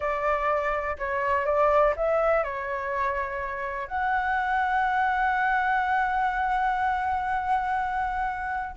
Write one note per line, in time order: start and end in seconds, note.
0.00 0.96 D5
0.98 1.45 C#5
1.45 1.94 D5
1.96 2.43 E5
2.43 3.87 C#5
3.87 8.75 F#5